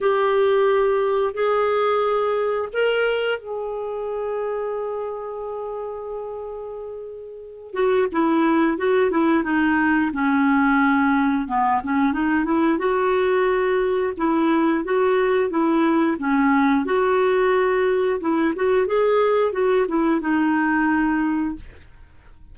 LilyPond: \new Staff \with { instrumentName = "clarinet" } { \time 4/4 \tempo 4 = 89 g'2 gis'2 | ais'4 gis'2.~ | gis'2.~ gis'8 fis'8 | e'4 fis'8 e'8 dis'4 cis'4~ |
cis'4 b8 cis'8 dis'8 e'8 fis'4~ | fis'4 e'4 fis'4 e'4 | cis'4 fis'2 e'8 fis'8 | gis'4 fis'8 e'8 dis'2 | }